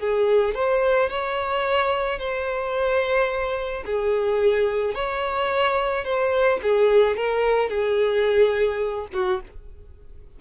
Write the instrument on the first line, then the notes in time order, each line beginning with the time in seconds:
violin
0.00 G#4
0.55 C5
1.10 C#5
2.19 C5
3.86 G#4
4.95 C#5
6.05 C5
6.63 G#4
7.17 A#4
7.70 G#4
9.14 F#4